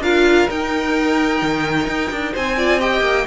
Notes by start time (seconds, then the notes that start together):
0.00 D4 F4 A#4 F5
0.49 D#4 G5
1.42 D#3
1.88 D#4
2.11 D4
2.33 C4 C5 G#5
2.57 F4 D5
2.80 G4 D#5 G5
3.01 A#3